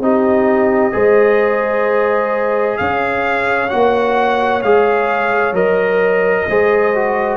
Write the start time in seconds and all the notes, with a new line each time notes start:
0.00 C4 D#4 G4 D#5
0.92 G#3 G#4 C5
2.77 C#4 C#5 F5
3.69 A#3 F#4 F#5
4.63 G#3 G#4 F5
5.52 F#3 A#4 D#5
6.49 G#3 G#4 C5
6.95 F#4